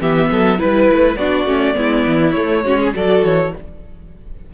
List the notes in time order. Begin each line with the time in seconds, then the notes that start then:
0.00 E3 B3 G4 E5
0.31 F#3 A4
0.58 G3 E4 B4
0.92 A3
1.16 B3 D4 F#4 D5
1.45 A3 C#4
1.74 G#3 B3 E4
2.06 E3
2.31 A3 C#5
2.64 G#3 C#4 F#4
2.79 G#4
2.94 F#3 F#4 A4 D5
3.23 E3 C#5